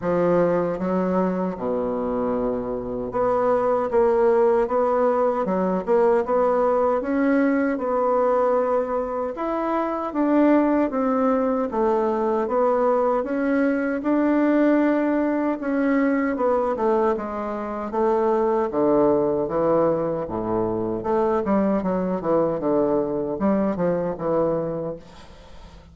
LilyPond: \new Staff \with { instrumentName = "bassoon" } { \time 4/4 \tempo 4 = 77 f4 fis4 b,2 | b4 ais4 b4 fis8 ais8 | b4 cis'4 b2 | e'4 d'4 c'4 a4 |
b4 cis'4 d'2 | cis'4 b8 a8 gis4 a4 | d4 e4 a,4 a8 g8 | fis8 e8 d4 g8 f8 e4 | }